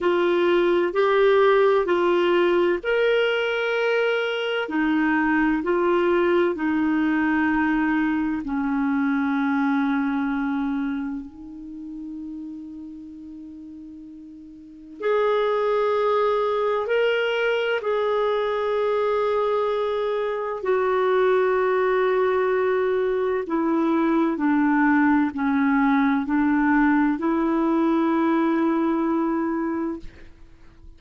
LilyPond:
\new Staff \with { instrumentName = "clarinet" } { \time 4/4 \tempo 4 = 64 f'4 g'4 f'4 ais'4~ | ais'4 dis'4 f'4 dis'4~ | dis'4 cis'2. | dis'1 |
gis'2 ais'4 gis'4~ | gis'2 fis'2~ | fis'4 e'4 d'4 cis'4 | d'4 e'2. | }